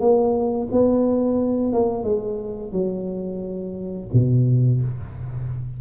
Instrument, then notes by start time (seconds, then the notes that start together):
tuba
0.00 A#3
0.72 B3
1.73 A#3
2.04 G#3
2.72 F#3
4.13 B2